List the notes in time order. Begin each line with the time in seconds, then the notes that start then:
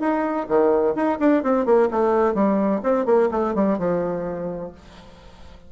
0.00 D#4
0.48 D#3
0.95 D#4
1.20 D4
1.43 C4
1.65 A#3
1.91 A3
2.34 G3
2.83 C4
3.06 A#3
3.31 A3
3.55 G3
3.78 F3